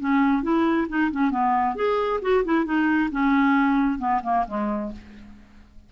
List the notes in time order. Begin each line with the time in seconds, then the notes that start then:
0.00 C#4
0.43 E4
0.89 D#4
1.11 C#4
1.30 B3
1.75 G#4
2.22 F#4
2.45 E4
2.65 D#4
3.11 C#4
3.99 B3
4.23 A#3
4.47 G#3